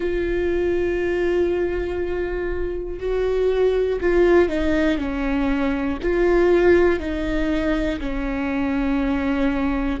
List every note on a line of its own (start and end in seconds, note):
0.00 3.00 F4
3.00 4.00 F#4
4.00 4.48 F4
4.48 4.98 D#4
4.98 5.98 C#4
6.02 6.99 F4
6.99 7.99 D#4
8.00 10.00 C#4